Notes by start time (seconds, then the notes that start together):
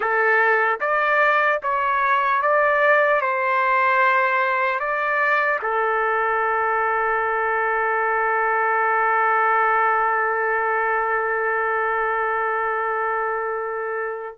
0.00 A4
0.80 D5
1.63 C#5
2.41 D5
3.21 C5
4.79 D5
5.62 A4